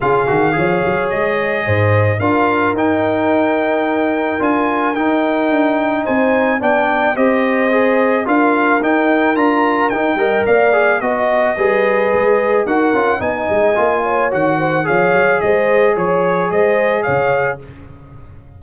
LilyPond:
<<
  \new Staff \with { instrumentName = "trumpet" } { \time 4/4 \tempo 4 = 109 f''2 dis''2 | f''4 g''2. | gis''4 g''2 gis''4 | g''4 dis''2 f''4 |
g''4 ais''4 g''4 f''4 | dis''2. fis''4 | gis''2 fis''4 f''4 | dis''4 cis''4 dis''4 f''4 | }
  \new Staff \with { instrumentName = "horn" } { \time 4/4 gis'4 cis''2 c''4 | ais'1~ | ais'2. c''4 | d''4 c''2 ais'4~ |
ais'2~ ais'8 dis''8 d''4 | dis''4 b'2 ais'4 | dis''4. cis''4 c''8 cis''4 | c''4 cis''4 c''4 cis''4 | }
  \new Staff \with { instrumentName = "trombone" } { \time 4/4 f'8 fis'8 gis'2. | f'4 dis'2. | f'4 dis'2. | d'4 g'4 gis'4 f'4 |
dis'4 f'4 dis'8 ais'4 gis'8 | fis'4 gis'2 fis'8 f'8 | dis'4 f'4 fis'4 gis'4~ | gis'1 | }
  \new Staff \with { instrumentName = "tuba" } { \time 4/4 cis8 dis8 f8 fis8 gis4 gis,4 | d'4 dis'2. | d'4 dis'4 d'4 c'4 | b4 c'2 d'4 |
dis'4 d'4 dis'8 g8 ais4 | b4 g4 gis4 dis'8 cis'8 | b8 gis8 ais4 dis4 f8 fis8 | gis4 f4 gis4 cis4 | }
>>